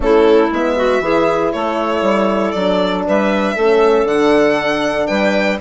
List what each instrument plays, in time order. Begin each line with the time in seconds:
0.00 bassoon A3, horn C#4, clarinet E4, violin A4
0.51 bassoon G#3, horn B3, violin E5
0.76 clarinet F#4
1.00 bassoon E3, horn E4, clarinet G#4
1.52 bassoon A3, clarinet A4, violin C#5
2.01 bassoon G3
2.51 bassoon F#3, horn D4, violin D5
3.07 bassoon G3, clarinet B4, violin E5
3.55 bassoon A3, horn C#4, clarinet A4
4.04 bassoon D3, horn D4, violin F#5
5.06 bassoon G3, clarinet B4, violin G5